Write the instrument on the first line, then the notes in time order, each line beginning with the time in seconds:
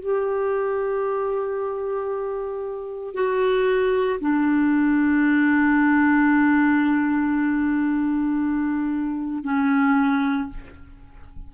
clarinet
0.00 G4
3.15 F#4
4.21 D4
9.44 C#4